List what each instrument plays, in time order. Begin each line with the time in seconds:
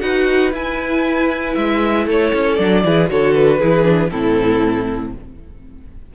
0.00 cello D#4, viola F#4, violin B4 F#5
0.53 cello E4, viola E4, violin G#5
1.54 cello G#3, violin E5
2.06 cello A3, violin A4 C#5
2.34 cello C#4
2.56 cello F#3, viola D4, violin D5
2.85 cello E3, viola E4, violin G#4
3.09 cello D3, viola F#4, violin A4 C#5
3.34 violin B4
3.60 cello E3, viola E4, violin G#4
3.84 viola D4
4.10 cello A2, viola C4, violin E4 A4